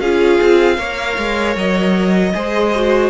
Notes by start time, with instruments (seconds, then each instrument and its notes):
0.00 cello C#4, viola F4, violin G#4 F5
0.41 cello C4
0.77 cello A#3, viola A#4, violin C#5
1.18 cello G#3
1.56 cello F#3, violin D#5
2.33 cello G#3, viola G#4, violin C5
2.75 viola F#4